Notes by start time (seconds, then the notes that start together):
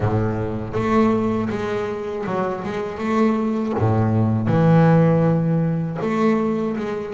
0.00 A2
0.73 A3
1.49 G#3
2.26 F#3
2.64 G#3
2.98 A3
3.78 A2
4.47 E3
6.01 A3
6.77 G#3